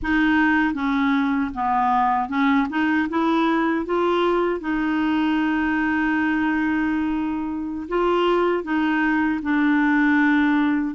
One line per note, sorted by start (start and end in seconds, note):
0.02 0.74 D#4
0.74 1.51 C#4
1.54 2.29 B3
2.29 2.67 C#4
2.69 3.08 D#4
3.09 3.85 E4
3.85 4.60 F4
4.60 7.87 D#4
7.88 8.63 F4
8.63 9.40 D#4
9.42 10.94 D4